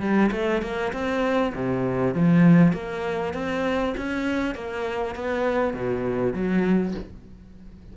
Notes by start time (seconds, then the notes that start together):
0.00 G3
0.31 A3
0.62 A#3
0.93 C4
1.55 C3
2.14 F3
2.73 A#3
3.34 C4
3.97 C#4
4.55 A#3
5.15 B3
5.74 B2
6.34 F#3